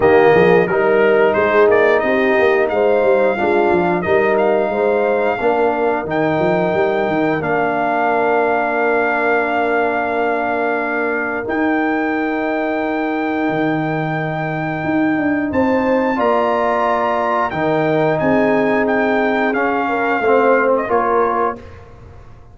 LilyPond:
<<
  \new Staff \with { instrumentName = "trumpet" } { \time 4/4 \tempo 4 = 89 dis''4 ais'4 c''8 d''8 dis''4 | f''2 dis''8 f''4.~ | f''4 g''2 f''4~ | f''1~ |
f''4 g''2.~ | g''2. a''4 | ais''2 g''4 gis''4 | g''4 f''4.~ f''16 dis''16 cis''4 | }
  \new Staff \with { instrumentName = "horn" } { \time 4/4 g'8 gis'8 ais'4 gis'4 g'4 | c''4 f'4 ais'4 c''4 | ais'1~ | ais'1~ |
ais'1~ | ais'2. c''4 | d''2 ais'4 gis'4~ | gis'4. ais'8 c''4 ais'4 | }
  \new Staff \with { instrumentName = "trombone" } { \time 4/4 ais4 dis'2.~ | dis'4 d'4 dis'2 | d'4 dis'2 d'4~ | d'1~ |
d'4 dis'2.~ | dis'1 | f'2 dis'2~ | dis'4 cis'4 c'4 f'4 | }
  \new Staff \with { instrumentName = "tuba" } { \time 4/4 dis8 f8 g4 gis8 ais8 c'8 ais8 | gis8 g8 gis8 f8 g4 gis4 | ais4 dis8 f8 g8 dis8 ais4~ | ais1~ |
ais4 dis'2. | dis2 dis'8 d'8 c'4 | ais2 dis4 c'4~ | c'4 cis'4 a4 ais4 | }
>>